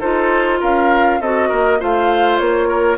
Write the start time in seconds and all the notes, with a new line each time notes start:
0.00 D#4 F4 A4 C5
0.61 C#4 A#4 F5
1.21 C4 F#4 A4 D#5
1.49 A#3 A#4
1.79 A3 F4 C5 F5
2.38 A#3 C#5
2.69 A#4